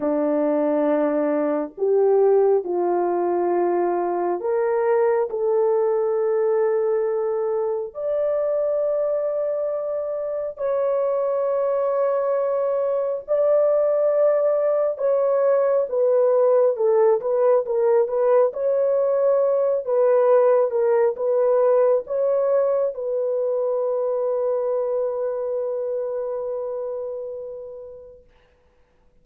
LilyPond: \new Staff \with { instrumentName = "horn" } { \time 4/4 \tempo 4 = 68 d'2 g'4 f'4~ | f'4 ais'4 a'2~ | a'4 d''2. | cis''2. d''4~ |
d''4 cis''4 b'4 a'8 b'8 | ais'8 b'8 cis''4. b'4 ais'8 | b'4 cis''4 b'2~ | b'1 | }